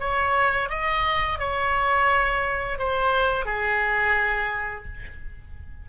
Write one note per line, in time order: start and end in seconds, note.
0.00 0.69 C#5
0.69 1.39 D#5
1.39 2.79 C#5
2.79 3.45 C5
3.45 4.85 G#4